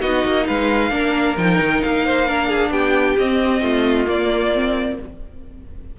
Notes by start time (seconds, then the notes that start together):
0.00 B3 D#4 F#4 D#5
0.25 A#3
0.46 G#3 B4 F5
0.90 A#3 D4 A#4
1.37 F3 D#4 G5
1.59 D#3
1.81 A#3 F5
2.05 C5
2.27 D4 A#4
2.48 G#4
2.70 B3 G4 G5
3.18 C4 D#5
3.61 A3 F4
4.06 A#3 D5
4.54 C4